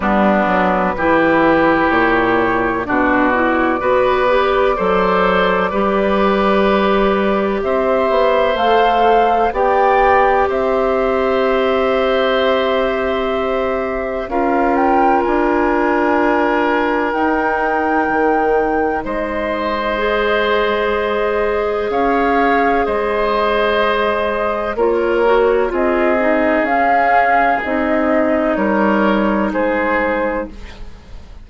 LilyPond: <<
  \new Staff \with { instrumentName = "flute" } { \time 4/4 \tempo 4 = 63 b'2 cis''4 d''4~ | d''1 | e''4 f''4 g''4 e''4~ | e''2. f''8 g''8 |
gis''2 g''2 | dis''2. f''4 | dis''2 cis''4 dis''4 | f''4 dis''4 cis''4 c''4 | }
  \new Staff \with { instrumentName = "oboe" } { \time 4/4 d'4 g'2 fis'4 | b'4 c''4 b'2 | c''2 d''4 c''4~ | c''2. ais'4~ |
ais'1 | c''2. cis''4 | c''2 ais'4 gis'4~ | gis'2 ais'4 gis'4 | }
  \new Staff \with { instrumentName = "clarinet" } { \time 4/4 b4 e'2 d'8 e'8 | fis'8 g'8 a'4 g'2~ | g'4 a'4 g'2~ | g'2. f'4~ |
f'2 dis'2~ | dis'4 gis'2.~ | gis'2 f'8 fis'8 f'8 dis'8 | cis'4 dis'2. | }
  \new Staff \with { instrumentName = "bassoon" } { \time 4/4 g8 fis8 e4 ais,4 b,4 | b4 fis4 g2 | c'8 b8 a4 b4 c'4~ | c'2. cis'4 |
d'2 dis'4 dis4 | gis2. cis'4 | gis2 ais4 c'4 | cis'4 c'4 g4 gis4 | }
>>